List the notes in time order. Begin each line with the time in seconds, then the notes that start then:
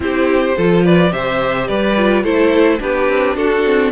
0.00 C4 E4 G4 C5
0.56 F3 F4 A4
0.84 B4 D5
1.10 C3 G4 C5 E5
1.67 G3 B4 D5
1.97 F4
2.23 A3 E4 A4 C5
2.78 B3 D4 G4 B4
3.08 C4
3.36 D4 F#4 A4
3.64 C4